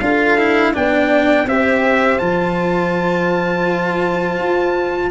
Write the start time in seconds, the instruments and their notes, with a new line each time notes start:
0.00 tuba D4, cello F4, horn A4, trumpet F5
0.38 cello E4
0.73 tuba B3, cello D4, horn D5, trumpet G5
1.45 tuba C4, cello G4, horn C5, trumpet E5
2.19 tuba F3, cello F4, trumpet A5
4.39 tuba F4